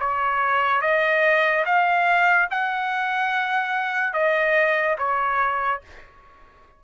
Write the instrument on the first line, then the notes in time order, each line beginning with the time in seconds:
trumpet
0.00 C#5
0.81 D#5
1.66 F5
2.51 F#5
4.13 D#5
4.98 C#5